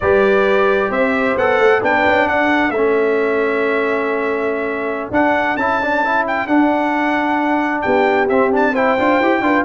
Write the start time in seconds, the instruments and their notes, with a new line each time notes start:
0.00 tuba G3, trombone G4, horn B4, trumpet D5
0.89 tuba C4, horn C5, trumpet E5
1.36 tuba B3, trombone A4, trumpet F#5
1.58 tuba A3
1.81 tuba B3, trombone D4, horn B4, trumpet G5
2.06 tuba C#4
2.27 tuba D4, horn A4, trumpet F#5
2.70 tuba A3, trombone C#4, trumpet E5
5.10 tuba D4, trombone D4, trumpet F#5
5.56 tuba C#4, trombone E4, trumpet A5
5.81 trombone D4
6.04 trombone E4
6.27 trumpet G5
6.47 tuba D4, trombone D4, trumpet F#5
7.81 tuba B3, horn G4, trumpet G5
8.28 tuba C4, trombone C4, trumpet E5
8.51 trombone D4, trumpet A5
8.71 trombone E4, horn C5, trumpet G5
8.98 tuba D4, trombone F4
9.20 tuba E4, trombone G4
9.41 tuba D4, trombone F4, horn B4